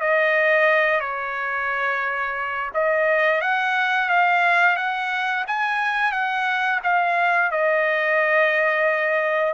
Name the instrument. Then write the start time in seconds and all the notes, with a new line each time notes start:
trumpet
0.00 D#5
1.00 C#5
2.73 D#5
3.41 F#5
4.09 F5
4.76 F#5
5.47 G#5
6.11 F#5
6.83 F5
7.51 D#5